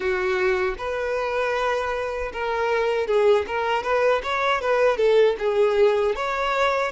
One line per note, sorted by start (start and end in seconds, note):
0.00 0.75 F#4
0.78 2.31 B4
2.33 3.07 A#4
3.07 3.45 G#4
3.47 3.83 A#4
3.83 4.21 B4
4.23 4.61 C#5
4.61 4.97 B4
4.97 5.35 A4
5.38 6.15 G#4
6.15 6.91 C#5